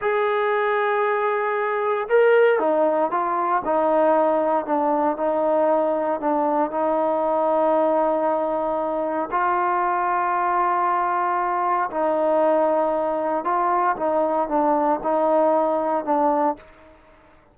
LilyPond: \new Staff \with { instrumentName = "trombone" } { \time 4/4 \tempo 4 = 116 gis'1 | ais'4 dis'4 f'4 dis'4~ | dis'4 d'4 dis'2 | d'4 dis'2.~ |
dis'2 f'2~ | f'2. dis'4~ | dis'2 f'4 dis'4 | d'4 dis'2 d'4 | }